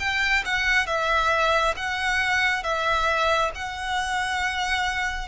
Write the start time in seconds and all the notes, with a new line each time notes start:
0.00 G5
0.46 F#5
0.87 E5
1.77 F#5
2.64 E5
3.55 F#5